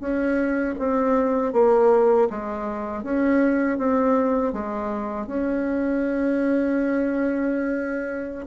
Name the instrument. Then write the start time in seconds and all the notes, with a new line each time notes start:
bassoon
0.00 C#4
0.79 C4
1.53 A#3
2.30 G#3
3.03 C#4
3.78 C4
4.53 G#3
5.27 C#4